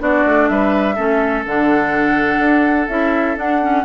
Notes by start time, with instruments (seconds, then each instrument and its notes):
0.00 bassoon B3, clarinet D4, oboe F#4, flute D5
0.26 bassoon A3
0.48 bassoon G3, oboe B4, flute E5
0.95 bassoon A3, clarinet C#4, oboe A4
1.45 bassoon D3, clarinet D4, flute F#5
2.39 bassoon D4
2.88 bassoon C#4, clarinet E4, flute E5
3.36 clarinet D4, bassoon D4, flute F#5
3.62 clarinet C#4